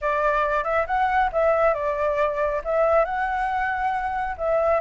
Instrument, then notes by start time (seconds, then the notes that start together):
flute
0.01 D5
0.64 E5
0.86 F#5
1.32 E5
1.74 D5
2.64 E5
3.04 F#5
4.37 E5